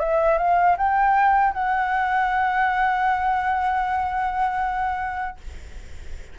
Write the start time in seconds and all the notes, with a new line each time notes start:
0.00 E5
0.38 F5
0.77 G5
1.53 F#5